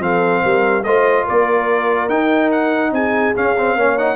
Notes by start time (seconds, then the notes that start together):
0.00 F3 C4 A4 F5
0.43 G3 A#4
0.84 A3 F4 C5 D#5
1.26 A#3 A#4 D5
2.09 D#4 G5
2.52 F#5
2.92 C4 G#4 G#5
3.35 C#4 F5
3.58 C4
3.76 A#3 C#4 C#5
3.99 D#4 F#5